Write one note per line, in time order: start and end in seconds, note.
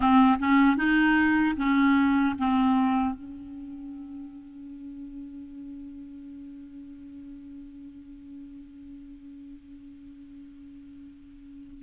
0.00 0.38 C4
0.39 0.76 C#4
0.76 1.55 D#4
1.56 2.35 C#4
2.38 3.15 C4
3.15 11.82 C#4